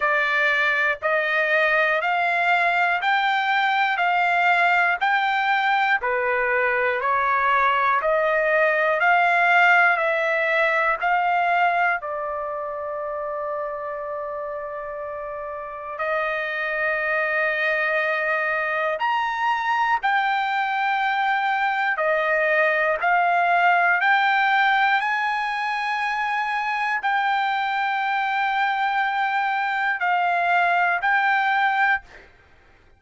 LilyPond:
\new Staff \with { instrumentName = "trumpet" } { \time 4/4 \tempo 4 = 60 d''4 dis''4 f''4 g''4 | f''4 g''4 b'4 cis''4 | dis''4 f''4 e''4 f''4 | d''1 |
dis''2. ais''4 | g''2 dis''4 f''4 | g''4 gis''2 g''4~ | g''2 f''4 g''4 | }